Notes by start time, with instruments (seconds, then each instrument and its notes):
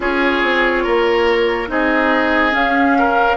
0.00 bassoon C#4, clarinet F4, oboe G#4, flute C#5
0.42 bassoon C4
0.83 bassoon A#3, oboe A#4
1.67 bassoon C4, clarinet D#4, oboe G#4, flute D#5
2.51 clarinet C#4, bassoon C#4, flute F5
2.98 oboe A#4